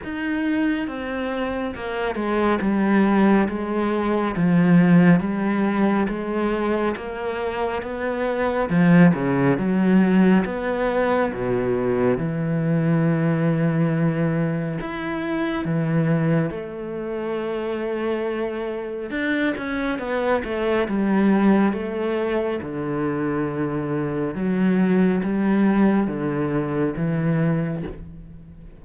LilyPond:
\new Staff \with { instrumentName = "cello" } { \time 4/4 \tempo 4 = 69 dis'4 c'4 ais8 gis8 g4 | gis4 f4 g4 gis4 | ais4 b4 f8 cis8 fis4 | b4 b,4 e2~ |
e4 e'4 e4 a4~ | a2 d'8 cis'8 b8 a8 | g4 a4 d2 | fis4 g4 d4 e4 | }